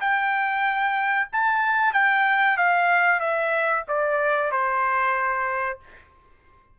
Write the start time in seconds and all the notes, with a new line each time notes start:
0.00 G5
1.32 A5
1.93 G5
2.56 F5
3.19 E5
3.87 D5
4.51 C5